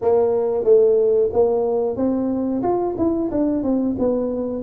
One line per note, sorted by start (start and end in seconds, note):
0.01 0.64 A#3
0.64 1.29 A3
1.32 1.96 A#3
1.96 2.62 C4
2.62 2.95 F4
2.97 3.30 E4
3.31 3.63 D4
3.63 3.96 C4
3.99 4.62 B3